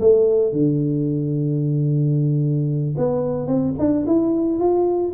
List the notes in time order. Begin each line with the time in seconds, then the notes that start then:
0.00 A3
0.52 D3
2.97 B3
3.47 C4
3.78 D4
4.06 E4
4.58 F4